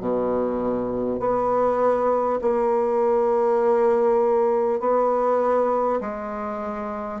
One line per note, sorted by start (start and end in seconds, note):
0.00 1.19 B2
1.19 2.39 B3
2.41 4.79 A#3
4.79 5.99 B3
6.01 7.20 G#3